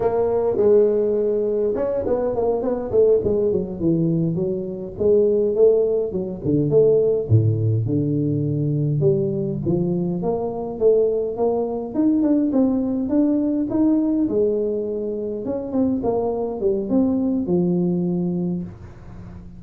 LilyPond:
\new Staff \with { instrumentName = "tuba" } { \time 4/4 \tempo 4 = 103 ais4 gis2 cis'8 b8 | ais8 b8 a8 gis8 fis8 e4 fis8~ | fis8 gis4 a4 fis8 d8 a8~ | a8 a,4 d2 g8~ |
g8 f4 ais4 a4 ais8~ | ais8 dis'8 d'8 c'4 d'4 dis'8~ | dis'8 gis2 cis'8 c'8 ais8~ | ais8 g8 c'4 f2 | }